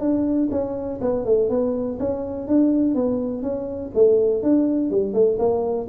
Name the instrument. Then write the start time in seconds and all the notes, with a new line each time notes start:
tuba
0.00 D4
0.51 C#4
1.01 B3
1.25 A3
1.50 B3
1.99 C#4
2.48 D4
2.95 B3
3.42 C#4
3.94 A3
4.43 D4
4.91 G3
5.14 A3
5.39 A#3